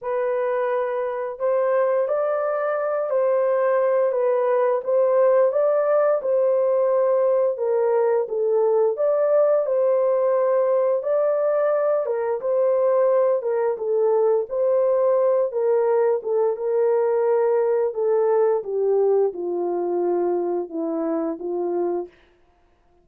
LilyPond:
\new Staff \with { instrumentName = "horn" } { \time 4/4 \tempo 4 = 87 b'2 c''4 d''4~ | d''8 c''4. b'4 c''4 | d''4 c''2 ais'4 | a'4 d''4 c''2 |
d''4. ais'8 c''4. ais'8 | a'4 c''4. ais'4 a'8 | ais'2 a'4 g'4 | f'2 e'4 f'4 | }